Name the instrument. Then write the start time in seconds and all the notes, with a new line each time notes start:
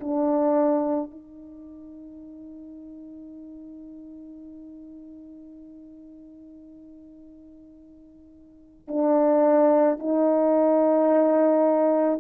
horn
0.00 D4
1.11 D#4
8.88 D4
9.99 D#4